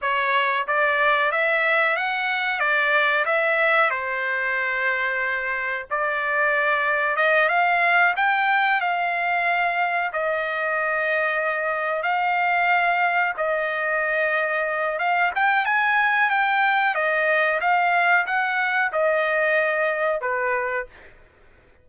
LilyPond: \new Staff \with { instrumentName = "trumpet" } { \time 4/4 \tempo 4 = 92 cis''4 d''4 e''4 fis''4 | d''4 e''4 c''2~ | c''4 d''2 dis''8 f''8~ | f''8 g''4 f''2 dis''8~ |
dis''2~ dis''8 f''4.~ | f''8 dis''2~ dis''8 f''8 g''8 | gis''4 g''4 dis''4 f''4 | fis''4 dis''2 b'4 | }